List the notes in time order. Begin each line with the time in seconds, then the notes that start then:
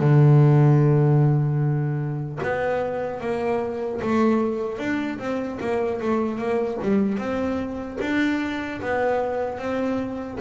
0.00 D3
2.43 B3
3.21 A#3
4.02 A3
4.79 D4
5.19 C4
5.61 A#3
6.01 A3
6.39 A#3
6.83 G3
7.18 C4
8.01 D4
8.82 B3
9.59 C4